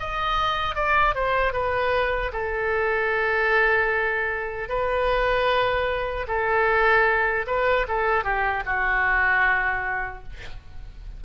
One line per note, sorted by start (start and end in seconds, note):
0.00 0.76 D#5
0.76 1.15 D5
1.15 1.53 C5
1.53 2.32 B4
2.33 4.69 A4
4.69 6.27 B4
6.28 7.46 A4
7.47 7.87 B4
7.88 8.24 A4
8.24 8.64 G4
8.66 10.24 F#4